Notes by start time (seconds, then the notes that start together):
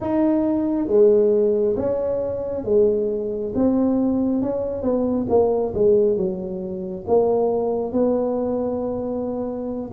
0.00 D#4
0.87 G#3
1.76 C#4
2.64 G#3
3.55 C4
4.42 C#4
4.82 B3
5.29 A#3
5.74 G#3
6.16 F#3
7.07 A#3
7.92 B3